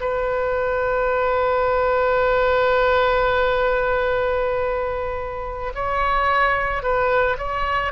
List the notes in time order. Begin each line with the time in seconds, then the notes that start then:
0.00 B4
5.75 C#5
6.82 B4
7.38 C#5